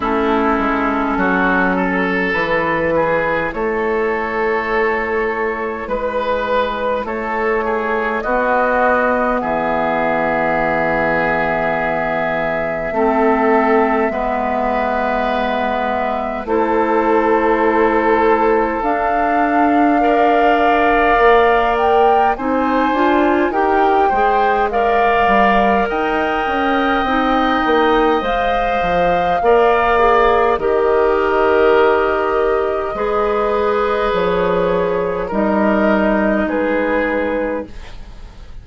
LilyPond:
<<
  \new Staff \with { instrumentName = "flute" } { \time 4/4 \tempo 4 = 51 a'2 b'4 cis''4~ | cis''4 b'4 cis''4 dis''4 | e''1~ | e''2 c''2 |
f''2~ f''8 g''8 gis''4 | g''4 f''4 g''2 | f''2 dis''2~ | dis''4 cis''4 dis''4 b'4 | }
  \new Staff \with { instrumentName = "oboe" } { \time 4/4 e'4 fis'8 a'4 gis'8 a'4~ | a'4 b'4 a'8 gis'8 fis'4 | gis'2. a'4 | b'2 a'2~ |
a'4 d''2 c''4 | ais'8 c''8 d''4 dis''2~ | dis''4 d''4 ais'2 | b'2 ais'4 gis'4 | }
  \new Staff \with { instrumentName = "clarinet" } { \time 4/4 cis'2 e'2~ | e'2. b4~ | b2. c'4 | b2 e'2 |
d'4 ais'2 dis'8 f'8 | g'8 gis'8 ais'2 dis'4 | c''4 ais'8 gis'8 g'2 | gis'2 dis'2 | }
  \new Staff \with { instrumentName = "bassoon" } { \time 4/4 a8 gis8 fis4 e4 a4~ | a4 gis4 a4 b4 | e2. a4 | gis2 a2 |
d'2 ais4 c'8 d'8 | dis'8 gis4 g8 dis'8 cis'8 c'8 ais8 | gis8 f8 ais4 dis2 | gis4 f4 g4 gis4 | }
>>